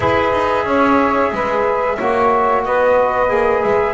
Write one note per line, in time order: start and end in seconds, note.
0.00 0.32 E4
0.00 1.97 G#4
0.00 0.65 B4
0.00 2.64 E5
0.32 0.65 D#4
0.65 1.31 C#4
0.65 1.32 C#5
1.32 1.98 G#3
1.32 1.96 B4
1.96 2.65 A#3
1.96 3.29 F#4
1.96 2.62 C#5
2.64 3.30 B3
2.64 3.94 B4
2.64 3.62 D#5
3.29 3.63 A#3
3.29 3.94 G#4
3.62 3.94 G#3
3.62 3.94 E5